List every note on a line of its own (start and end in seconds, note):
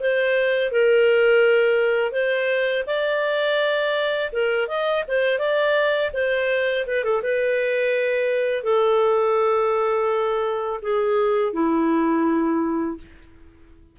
0.00 0.72 C5
0.72 2.12 A#4
2.12 2.84 C5
2.87 4.31 D5
4.32 4.68 A#4
4.68 5.04 D#5
5.08 5.39 C5
5.39 6.11 D5
6.14 6.86 C5
6.87 7.04 B4
7.04 7.23 A4
7.23 8.64 B4
8.64 10.80 A4
10.82 11.53 G#4
11.53 12.98 E4